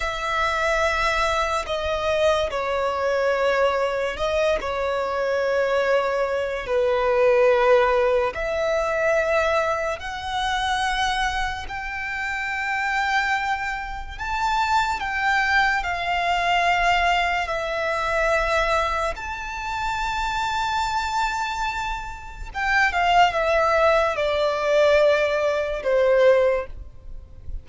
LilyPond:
\new Staff \with { instrumentName = "violin" } { \time 4/4 \tempo 4 = 72 e''2 dis''4 cis''4~ | cis''4 dis''8 cis''2~ cis''8 | b'2 e''2 | fis''2 g''2~ |
g''4 a''4 g''4 f''4~ | f''4 e''2 a''4~ | a''2. g''8 f''8 | e''4 d''2 c''4 | }